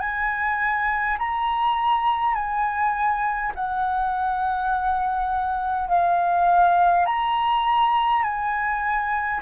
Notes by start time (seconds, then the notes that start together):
0.00 G#5
1.19 A#5
2.35 G#5
3.55 F#5
5.89 F5
7.06 A#5
8.24 G#5